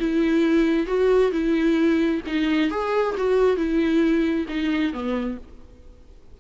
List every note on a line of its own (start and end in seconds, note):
0.00 0.87 E4
0.87 1.32 F#4
1.32 2.21 E4
2.27 2.71 D#4
2.71 3.16 G#4
3.18 3.57 F#4
3.57 4.47 E4
4.48 4.93 D#4
4.93 5.38 B3